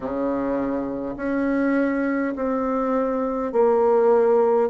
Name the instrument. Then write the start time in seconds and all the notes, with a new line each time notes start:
bassoon
0.00 C#3
1.16 C#4
2.35 C4
3.52 A#3